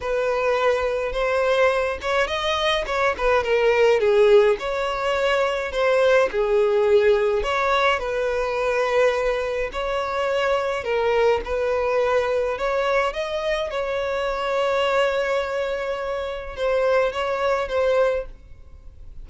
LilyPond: \new Staff \with { instrumentName = "violin" } { \time 4/4 \tempo 4 = 105 b'2 c''4. cis''8 | dis''4 cis''8 b'8 ais'4 gis'4 | cis''2 c''4 gis'4~ | gis'4 cis''4 b'2~ |
b'4 cis''2 ais'4 | b'2 cis''4 dis''4 | cis''1~ | cis''4 c''4 cis''4 c''4 | }